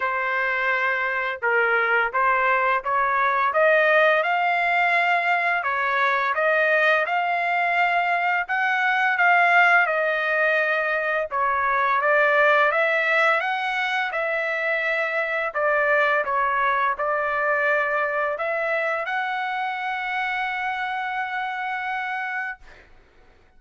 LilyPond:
\new Staff \with { instrumentName = "trumpet" } { \time 4/4 \tempo 4 = 85 c''2 ais'4 c''4 | cis''4 dis''4 f''2 | cis''4 dis''4 f''2 | fis''4 f''4 dis''2 |
cis''4 d''4 e''4 fis''4 | e''2 d''4 cis''4 | d''2 e''4 fis''4~ | fis''1 | }